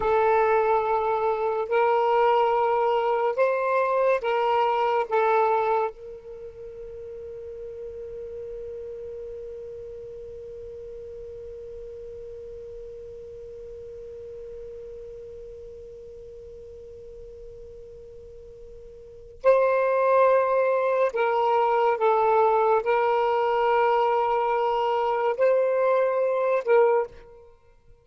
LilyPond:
\new Staff \with { instrumentName = "saxophone" } { \time 4/4 \tempo 4 = 71 a'2 ais'2 | c''4 ais'4 a'4 ais'4~ | ais'1~ | ais'1~ |
ais'1~ | ais'2. c''4~ | c''4 ais'4 a'4 ais'4~ | ais'2 c''4. ais'8 | }